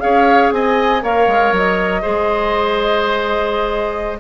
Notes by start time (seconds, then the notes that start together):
0.00 C#4 G#4 C#5 F5
0.52 C4 D#5 G#5
1.01 A#3 A#4 C#5 F5
1.27 G#3
1.52 F#3 D#5
2.02 G#3 G#4 C5